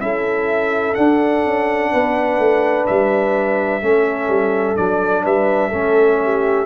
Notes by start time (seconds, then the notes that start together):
0.00 C#4 E4 A4 E5
0.94 D4 F#5
1.45 C#4
1.92 B3 B4
2.38 A3
2.86 G3 E5
3.81 A3 C#4 A4
4.28 G3
4.76 F#3 D4 D5
5.24 G3 B4 E5
5.69 A3 C#4 A4
6.23 G4